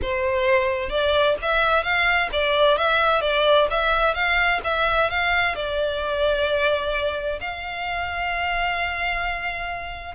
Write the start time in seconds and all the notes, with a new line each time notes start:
0.01 C5
0.89 D5
1.42 E5
1.83 F5
2.32 D5
2.77 E5
3.21 D5
3.70 E5
4.14 F5
4.64 E5
5.10 F5
5.55 D5
7.40 F5